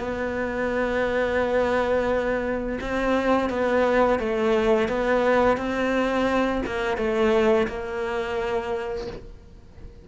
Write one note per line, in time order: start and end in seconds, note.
0.00 2.79 B3
2.81 3.50 C4
3.50 4.20 B3
4.20 4.89 A3
4.89 5.58 B3
5.58 6.62 C4
6.66 6.98 A#3
6.98 7.67 A3
7.68 9.07 A#3